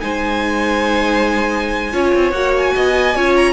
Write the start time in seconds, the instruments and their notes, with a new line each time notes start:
0.00 cello G#3, viola D#4, violin C5 G#5
1.92 cello C#4, viola F4, violin C#5
2.15 cello C4
2.31 cello A#3, viola F#4, violin F#5
2.57 violin G#5
2.75 cello B3, violin D#5
3.15 cello C#4, viola F4, violin C#5
3.36 violin A#5